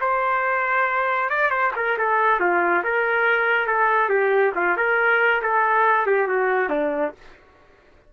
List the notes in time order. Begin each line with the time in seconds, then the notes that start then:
0.00 C5
1.29 D5
1.50 C5
1.76 A#4
1.98 A4
2.40 F4
2.83 A#4
3.67 A4
4.09 G4
4.55 F4
4.77 A#4
5.42 A4
6.06 G4
6.27 F#4
6.69 D4